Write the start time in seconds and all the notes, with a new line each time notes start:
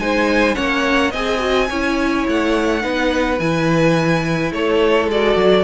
0.00 G#3 D#4 C5 G#5
0.55 A#3 C#4 C#5 F#5
1.11 C4 G#4 D#5 G#5
1.39 F#4
1.70 C#4 E4 C#5
2.29 A3 F#5
2.81 B3 D#4 B4
3.40 E3 E4 G#5
4.52 A3 A4 C#5
5.07 G#3 F#4 D5
5.36 F#3